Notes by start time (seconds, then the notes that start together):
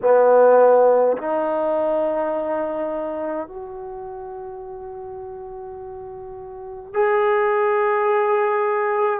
0.02 B3
1.17 D#4
3.47 F#4
6.93 G#4